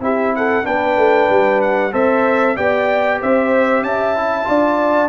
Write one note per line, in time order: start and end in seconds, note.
0.00 0.64 C4
0.00 0.64 E4
0.00 0.36 G4
0.00 0.36 E5
0.36 0.66 A4
0.36 0.66 F#5
0.64 0.97 B3
0.64 1.92 D4
0.64 1.92 B4
0.64 1.62 G5
0.97 1.29 A3
1.30 1.93 G3
1.62 1.93 F#5
1.92 2.57 C4
1.92 2.56 A4
1.92 2.56 C5
1.92 2.57 E5
2.56 3.22 B3
2.56 4.16 G4
2.56 3.20 D5
2.56 3.21 G5
3.21 3.82 C4
3.21 3.85 C5
3.21 3.84 E5
3.82 4.46 C#4
3.82 4.49 E5
3.82 5.09 A5
4.16 4.45 E4
4.45 5.09 D4
4.45 5.08 F4
4.45 5.09 D5